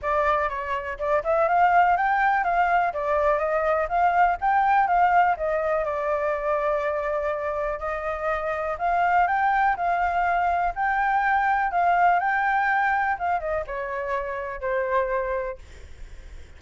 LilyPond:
\new Staff \with { instrumentName = "flute" } { \time 4/4 \tempo 4 = 123 d''4 cis''4 d''8 e''8 f''4 | g''4 f''4 d''4 dis''4 | f''4 g''4 f''4 dis''4 | d''1 |
dis''2 f''4 g''4 | f''2 g''2 | f''4 g''2 f''8 dis''8 | cis''2 c''2 | }